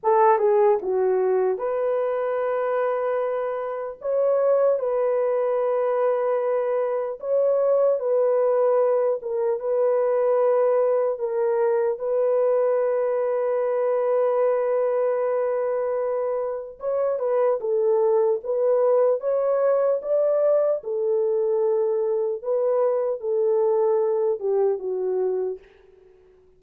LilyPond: \new Staff \with { instrumentName = "horn" } { \time 4/4 \tempo 4 = 75 a'8 gis'8 fis'4 b'2~ | b'4 cis''4 b'2~ | b'4 cis''4 b'4. ais'8 | b'2 ais'4 b'4~ |
b'1~ | b'4 cis''8 b'8 a'4 b'4 | cis''4 d''4 a'2 | b'4 a'4. g'8 fis'4 | }